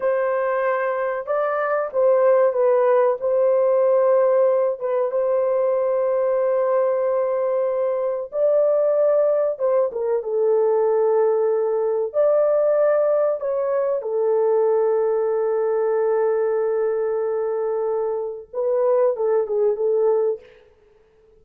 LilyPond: \new Staff \with { instrumentName = "horn" } { \time 4/4 \tempo 4 = 94 c''2 d''4 c''4 | b'4 c''2~ c''8 b'8 | c''1~ | c''4 d''2 c''8 ais'8 |
a'2. d''4~ | d''4 cis''4 a'2~ | a'1~ | a'4 b'4 a'8 gis'8 a'4 | }